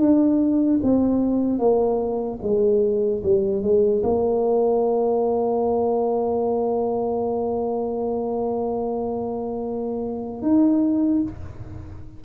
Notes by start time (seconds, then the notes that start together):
0.00 D4
0.83 C4
1.59 A#3
2.43 G#3
3.24 G3
3.63 G#3
4.03 A#3
10.42 D#4